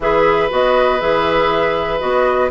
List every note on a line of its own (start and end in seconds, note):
0.00 0.49 E3
0.00 0.49 G#4
0.00 2.50 B4
0.00 0.51 E5
0.49 1.01 B3
0.49 0.99 F#4
0.49 1.00 D#5
0.99 2.01 E3
0.99 1.99 G#4
0.99 1.99 E5
1.99 2.50 B3
1.99 2.49 F#4
1.99 2.49 D#5